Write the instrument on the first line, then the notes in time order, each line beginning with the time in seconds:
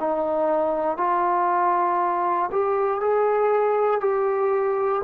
trombone
0.00 D#4
0.98 F4
2.52 G4
3.01 G#4
4.01 G4